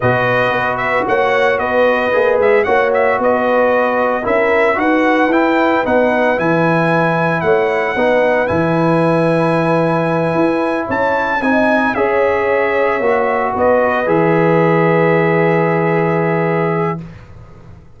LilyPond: <<
  \new Staff \with { instrumentName = "trumpet" } { \time 4/4 \tempo 4 = 113 dis''4. e''8 fis''4 dis''4~ | dis''8 e''8 fis''8 e''8 dis''2 | e''4 fis''4 g''4 fis''4 | gis''2 fis''2 |
gis''1~ | gis''8 a''4 gis''4 e''4.~ | e''4. dis''4 e''4.~ | e''1 | }
  \new Staff \with { instrumentName = "horn" } { \time 4/4 b'2 cis''4 b'4~ | b'4 cis''4 b'2 | ais'4 b'2.~ | b'2 cis''4 b'4~ |
b'1~ | b'8 cis''4 dis''4 cis''4.~ | cis''4. b'2~ b'8~ | b'1 | }
  \new Staff \with { instrumentName = "trombone" } { \time 4/4 fis'1 | gis'4 fis'2. | e'4 fis'4 e'4 dis'4 | e'2. dis'4 |
e'1~ | e'4. dis'4 gis'4.~ | gis'8 fis'2 gis'4.~ | gis'1 | }
  \new Staff \with { instrumentName = "tuba" } { \time 4/4 b,4 b4 ais4 b4 | ais8 gis8 ais4 b2 | cis'4 dis'4 e'4 b4 | e2 a4 b4 |
e2.~ e8 e'8~ | e'8 cis'4 c'4 cis'4.~ | cis'8 ais4 b4 e4.~ | e1 | }
>>